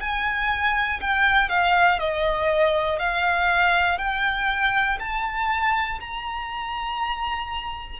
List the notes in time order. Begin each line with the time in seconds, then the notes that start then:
0.00 G#5
1.00 G5
1.49 F5
1.99 D#5
2.99 F5
3.98 G5
4.99 A5
6.00 A#5